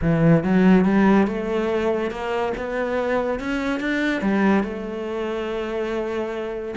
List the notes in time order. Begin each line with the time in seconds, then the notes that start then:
0.01 E3
0.43 F#3
0.85 G3
1.27 A3
2.10 A#3
2.57 B3
3.39 C#4
3.80 D4
4.21 G3
4.63 A3